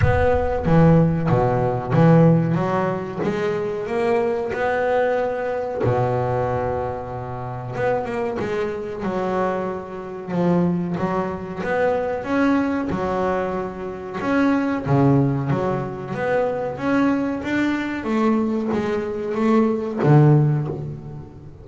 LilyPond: \new Staff \with { instrumentName = "double bass" } { \time 4/4 \tempo 4 = 93 b4 e4 b,4 e4 | fis4 gis4 ais4 b4~ | b4 b,2. | b8 ais8 gis4 fis2 |
f4 fis4 b4 cis'4 | fis2 cis'4 cis4 | fis4 b4 cis'4 d'4 | a4 gis4 a4 d4 | }